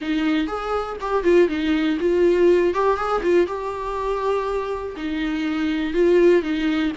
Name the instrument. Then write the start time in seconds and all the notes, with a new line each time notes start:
viola
0.01 D#4
0.47 G#4
1.00 G4
1.23 F4
1.48 D#4
1.99 F4
2.74 G4
2.96 G#4
3.22 F4
3.46 G4
4.96 D#4
5.93 F4
6.42 D#4